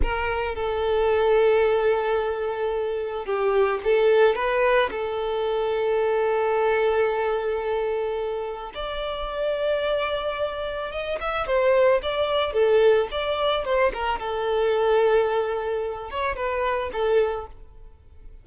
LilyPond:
\new Staff \with { instrumentName = "violin" } { \time 4/4 \tempo 4 = 110 ais'4 a'2.~ | a'2 g'4 a'4 | b'4 a'2.~ | a'1 |
d''1 | dis''8 e''8 c''4 d''4 a'4 | d''4 c''8 ais'8 a'2~ | a'4. cis''8 b'4 a'4 | }